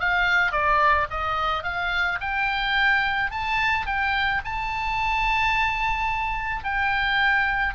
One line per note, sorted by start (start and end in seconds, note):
0.00 0.52 F5
0.52 1.07 D5
1.10 1.63 D#5
1.63 2.19 F5
2.21 3.31 G5
3.31 3.86 A5
3.86 4.42 G5
4.45 6.64 A5
6.64 7.74 G5